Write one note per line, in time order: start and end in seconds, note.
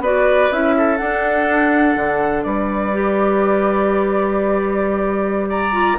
0.00 0.49 B3
0.00 0.52 F#4
0.00 0.76 B4
0.00 0.52 D5
0.52 1.00 C#4
0.52 0.98 E4
0.52 0.97 E5
0.77 2.46 A4
0.97 2.93 D4
0.97 1.96 D4
0.97 2.43 F#5
1.96 2.45 D3
2.43 5.99 G3
2.43 5.49 B4
2.43 5.48 D5
2.93 5.73 G4
5.49 5.98 D5
5.49 5.99 A#5
5.73 5.97 F4